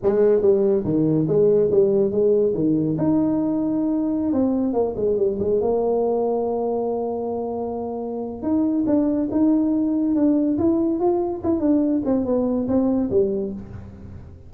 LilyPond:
\new Staff \with { instrumentName = "tuba" } { \time 4/4 \tempo 4 = 142 gis4 g4 dis4 gis4 | g4 gis4 dis4 dis'4~ | dis'2~ dis'16 c'4 ais8 gis16~ | gis16 g8 gis8 ais2~ ais8.~ |
ais1 | dis'4 d'4 dis'2 | d'4 e'4 f'4 e'8 d'8~ | d'8 c'8 b4 c'4 g4 | }